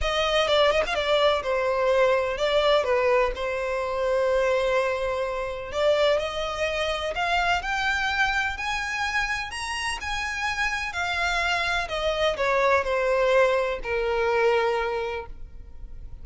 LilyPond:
\new Staff \with { instrumentName = "violin" } { \time 4/4 \tempo 4 = 126 dis''4 d''8 dis''16 f''16 d''4 c''4~ | c''4 d''4 b'4 c''4~ | c''1 | d''4 dis''2 f''4 |
g''2 gis''2 | ais''4 gis''2 f''4~ | f''4 dis''4 cis''4 c''4~ | c''4 ais'2. | }